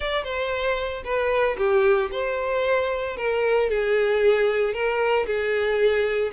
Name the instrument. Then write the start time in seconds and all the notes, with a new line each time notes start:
violin
0.00 D5
0.24 C5
1.04 B4
1.57 G4
2.11 C5
3.17 A#4
3.69 G#4
4.73 A#4
5.26 G#4